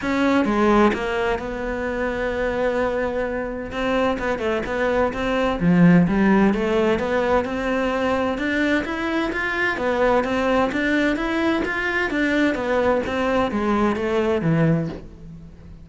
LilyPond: \new Staff \with { instrumentName = "cello" } { \time 4/4 \tempo 4 = 129 cis'4 gis4 ais4 b4~ | b1 | c'4 b8 a8 b4 c'4 | f4 g4 a4 b4 |
c'2 d'4 e'4 | f'4 b4 c'4 d'4 | e'4 f'4 d'4 b4 | c'4 gis4 a4 e4 | }